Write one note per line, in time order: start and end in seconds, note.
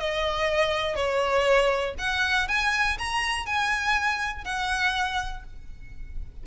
0.00 0.96 D#5
0.96 1.95 C#5
1.99 2.48 F#5
2.48 2.98 G#5
2.99 3.46 A#5
3.46 4.45 G#5
4.45 5.44 F#5